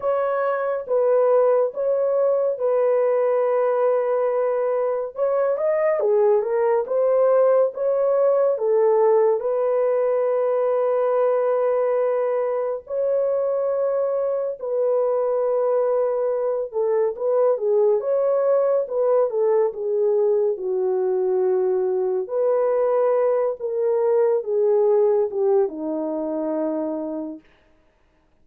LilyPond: \new Staff \with { instrumentName = "horn" } { \time 4/4 \tempo 4 = 70 cis''4 b'4 cis''4 b'4~ | b'2 cis''8 dis''8 gis'8 ais'8 | c''4 cis''4 a'4 b'4~ | b'2. cis''4~ |
cis''4 b'2~ b'8 a'8 | b'8 gis'8 cis''4 b'8 a'8 gis'4 | fis'2 b'4. ais'8~ | ais'8 gis'4 g'8 dis'2 | }